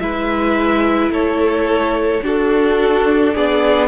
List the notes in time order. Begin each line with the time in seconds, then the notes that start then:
0.00 G#3 E4 B4 E5
1.09 A3 A4 C#5
2.22 D4 F#4 A4
3.34 B3 G#4 D5